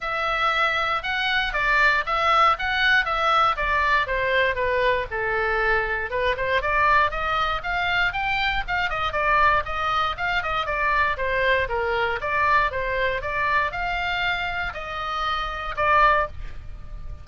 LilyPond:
\new Staff \with { instrumentName = "oboe" } { \time 4/4 \tempo 4 = 118 e''2 fis''4 d''4 | e''4 fis''4 e''4 d''4 | c''4 b'4 a'2 | b'8 c''8 d''4 dis''4 f''4 |
g''4 f''8 dis''8 d''4 dis''4 | f''8 dis''8 d''4 c''4 ais'4 | d''4 c''4 d''4 f''4~ | f''4 dis''2 d''4 | }